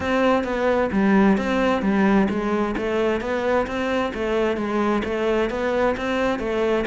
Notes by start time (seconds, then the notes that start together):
0.00 C4
0.44 B3
0.92 G3
1.37 C4
1.82 G3
2.29 G#3
2.77 A3
3.20 B3
3.66 C4
4.13 A3
4.56 G#3
5.04 A3
5.50 B3
5.96 C4
6.39 A3